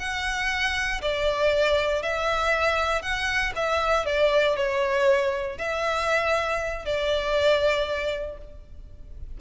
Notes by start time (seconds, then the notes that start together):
0.00 F#5
1.02 D5
2.03 E5
3.02 F#5
3.56 E5
4.06 D5
4.57 C#5
5.59 E5
6.86 D5